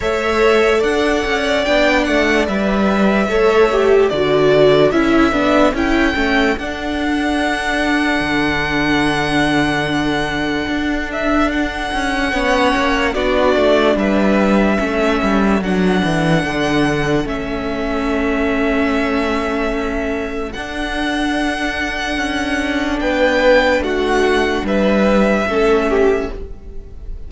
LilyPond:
<<
  \new Staff \with { instrumentName = "violin" } { \time 4/4 \tempo 4 = 73 e''4 fis''4 g''8 fis''8 e''4~ | e''4 d''4 e''4 g''4 | fis''1~ | fis''4. e''8 fis''2 |
d''4 e''2 fis''4~ | fis''4 e''2.~ | e''4 fis''2. | g''4 fis''4 e''2 | }
  \new Staff \with { instrumentName = "violin" } { \time 4/4 cis''4 d''2. | cis''4 a'2.~ | a'1~ | a'2. cis''4 |
fis'4 b'4 a'2~ | a'1~ | a'1 | b'4 fis'4 b'4 a'8 g'8 | }
  \new Staff \with { instrumentName = "viola" } { \time 4/4 a'2 d'4 b'4 | a'8 g'8 fis'4 e'8 d'8 e'8 cis'8 | d'1~ | d'2. cis'4 |
d'2 cis'4 d'4~ | d'4 cis'2.~ | cis'4 d'2.~ | d'2. cis'4 | }
  \new Staff \with { instrumentName = "cello" } { \time 4/4 a4 d'8 cis'8 b8 a8 g4 | a4 d4 cis'8 b8 cis'8 a8 | d'2 d2~ | d4 d'4. cis'8 b8 ais8 |
b8 a8 g4 a8 g8 fis8 e8 | d4 a2.~ | a4 d'2 cis'4 | b4 a4 g4 a4 | }
>>